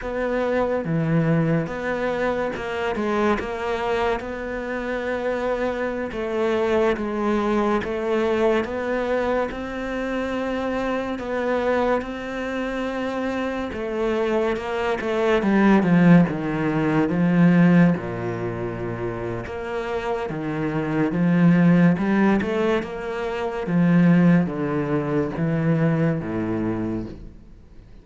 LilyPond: \new Staff \with { instrumentName = "cello" } { \time 4/4 \tempo 4 = 71 b4 e4 b4 ais8 gis8 | ais4 b2~ b16 a8.~ | a16 gis4 a4 b4 c'8.~ | c'4~ c'16 b4 c'4.~ c'16~ |
c'16 a4 ais8 a8 g8 f8 dis8.~ | dis16 f4 ais,4.~ ais,16 ais4 | dis4 f4 g8 a8 ais4 | f4 d4 e4 a,4 | }